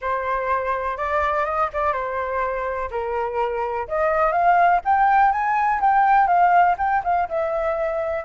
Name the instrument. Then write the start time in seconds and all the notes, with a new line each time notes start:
flute
0.01 C5
0.97 D5
1.45 D#5
1.73 D5
1.92 C5
2.90 A#4
3.88 D#5
4.32 F5
4.84 G5
5.32 G#5
5.80 G5
6.27 F5
6.78 G5
7.04 F5
7.28 E5